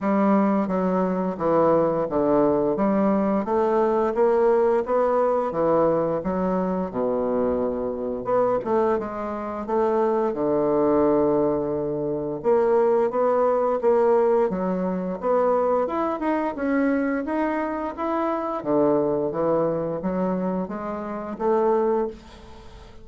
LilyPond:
\new Staff \with { instrumentName = "bassoon" } { \time 4/4 \tempo 4 = 87 g4 fis4 e4 d4 | g4 a4 ais4 b4 | e4 fis4 b,2 | b8 a8 gis4 a4 d4~ |
d2 ais4 b4 | ais4 fis4 b4 e'8 dis'8 | cis'4 dis'4 e'4 d4 | e4 fis4 gis4 a4 | }